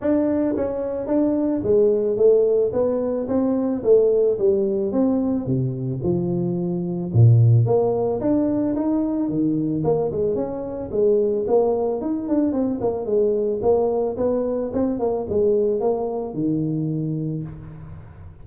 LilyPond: \new Staff \with { instrumentName = "tuba" } { \time 4/4 \tempo 4 = 110 d'4 cis'4 d'4 gis4 | a4 b4 c'4 a4 | g4 c'4 c4 f4~ | f4 ais,4 ais4 d'4 |
dis'4 dis4 ais8 gis8 cis'4 | gis4 ais4 dis'8 d'8 c'8 ais8 | gis4 ais4 b4 c'8 ais8 | gis4 ais4 dis2 | }